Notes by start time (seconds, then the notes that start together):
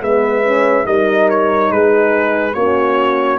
0.00 G#3 B3 B4 E5
0.43 C#4
0.83 G3 D#4 A#4 D#5
1.29 C#5
1.70 G#3 G#4 B4
2.54 A#3 C#4 F#4 C#5